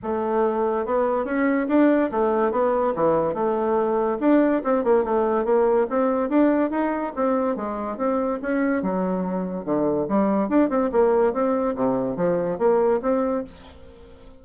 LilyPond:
\new Staff \with { instrumentName = "bassoon" } { \time 4/4 \tempo 4 = 143 a2 b4 cis'4 | d'4 a4 b4 e4 | a2 d'4 c'8 ais8 | a4 ais4 c'4 d'4 |
dis'4 c'4 gis4 c'4 | cis'4 fis2 d4 | g4 d'8 c'8 ais4 c'4 | c4 f4 ais4 c'4 | }